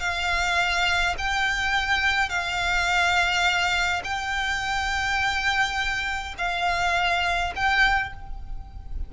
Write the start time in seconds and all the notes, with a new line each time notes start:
0.00 F5
1.18 G5
2.29 F5
4.04 G5
6.38 F5
7.56 G5